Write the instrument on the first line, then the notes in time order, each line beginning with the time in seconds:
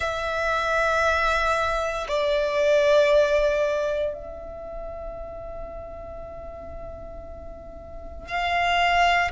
violin
0.00 E5
2.07 D5
4.13 E5
8.27 F5